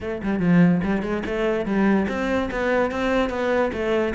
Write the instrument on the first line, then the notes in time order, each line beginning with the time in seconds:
cello
0.01 A3
0.23 G3
0.39 F3
0.83 G3
1.02 G#3
1.25 A3
1.65 G3
2.08 C4
2.51 B3
2.91 C4
3.29 B3
3.72 A3